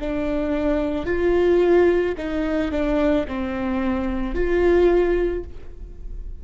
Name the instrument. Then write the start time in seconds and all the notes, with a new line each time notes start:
viola
0.00 D4
1.06 F4
2.17 D#4
2.72 D4
3.27 C4
4.35 F4